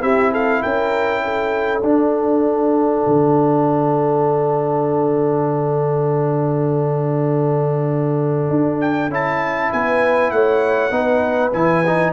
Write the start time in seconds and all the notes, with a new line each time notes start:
0.00 C4 E4 G4 E5
0.31 A4 F5
0.62 C#4 A#4 G5
1.24 A4
1.82 D4 F#5
3.06 D3
8.49 D4
8.81 G5
9.09 C#4 E4 A5
9.72 B3 B4 G#5
10.31 A3 C#5 F#5
10.91 B3 D#4 B4
11.53 E3 E4 G#5
11.86 D#4